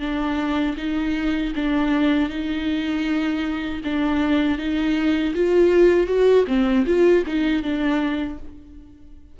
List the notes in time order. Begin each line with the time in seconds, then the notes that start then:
0.00 D4
0.77 D#4
1.56 D4
2.30 D#4
3.84 D4
4.58 D#4
5.35 F4
6.07 F#4
6.47 C4
6.86 F4
7.26 D#4
7.63 D4